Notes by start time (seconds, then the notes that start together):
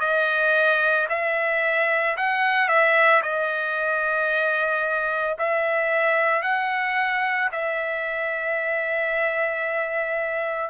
0.00 D#5
1.09 E5
2.16 F#5
2.68 E5
3.22 D#5
5.38 E5
6.42 F#5
7.51 E5